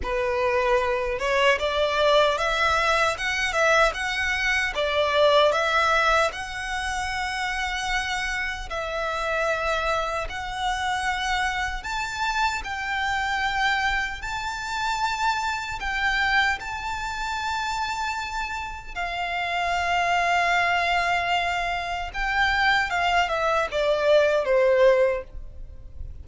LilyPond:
\new Staff \with { instrumentName = "violin" } { \time 4/4 \tempo 4 = 76 b'4. cis''8 d''4 e''4 | fis''8 e''8 fis''4 d''4 e''4 | fis''2. e''4~ | e''4 fis''2 a''4 |
g''2 a''2 | g''4 a''2. | f''1 | g''4 f''8 e''8 d''4 c''4 | }